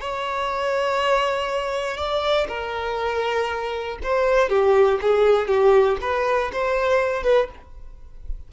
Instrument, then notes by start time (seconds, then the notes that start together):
violin
0.00 C#5
1.97 D5
2.48 A#4
4.02 C5
4.49 G4
5.01 G#4
5.47 G4
6.01 B4
6.52 C5
7.23 B4